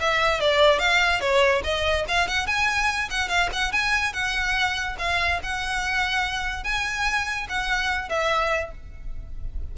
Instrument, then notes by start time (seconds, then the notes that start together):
violin
0.00 E5
0.40 D5
0.79 F5
1.21 C#5
1.64 D#5
2.08 F5
2.28 F#5
2.47 G#5
3.10 F#5
3.29 F5
3.53 F#5
3.72 G#5
4.13 F#5
4.98 F5
5.43 F#5
6.64 G#5
7.49 F#5
8.09 E5